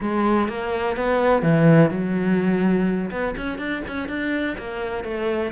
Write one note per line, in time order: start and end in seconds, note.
0.00 0.48 G#3
0.48 0.96 A#3
0.96 1.42 B3
1.42 1.90 E3
1.90 3.10 F#3
3.10 3.34 B3
3.36 3.58 C#4
3.58 3.82 D4
3.87 4.08 C#4
4.08 4.56 D4
4.58 5.04 A#3
5.04 5.52 A3